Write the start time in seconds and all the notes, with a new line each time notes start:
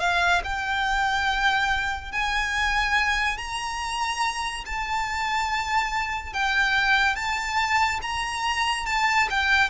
0.00 F5
0.45 G5
2.12 G#5
3.38 A#5
4.66 A5
6.33 G5
7.16 A5
8.02 A#5
8.87 A5
9.30 G5